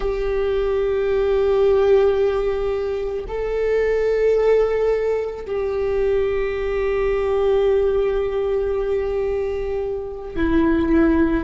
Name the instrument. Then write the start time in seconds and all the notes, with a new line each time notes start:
viola
0.00 G4
3.27 A4
5.46 G4
10.36 E4